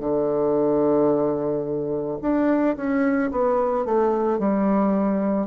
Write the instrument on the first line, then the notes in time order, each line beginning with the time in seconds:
bassoon
0.00 D3
2.22 D4
2.77 C#4
3.31 B3
3.85 A3
4.39 G3